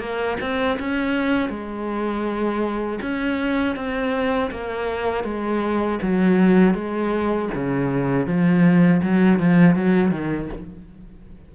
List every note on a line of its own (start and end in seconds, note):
0.00 0.38 A#3
0.41 0.79 C4
0.80 1.50 C#4
1.50 3.00 G#3
3.02 3.76 C#4
3.76 4.51 C4
4.51 5.24 A#3
5.24 5.99 G#3
6.03 6.74 F#3
6.74 7.49 G#3
7.54 8.27 C#3
8.27 9.02 F3
9.03 9.40 F#3
9.40 9.76 F3
9.76 10.11 F#3
10.11 10.49 D#3